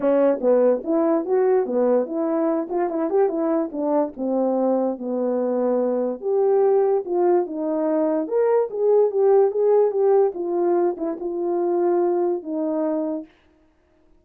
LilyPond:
\new Staff \with { instrumentName = "horn" } { \time 4/4 \tempo 4 = 145 cis'4 b4 e'4 fis'4 | b4 e'4. f'8 e'8 g'8 | e'4 d'4 c'2 | b2. g'4~ |
g'4 f'4 dis'2 | ais'4 gis'4 g'4 gis'4 | g'4 f'4. e'8 f'4~ | f'2 dis'2 | }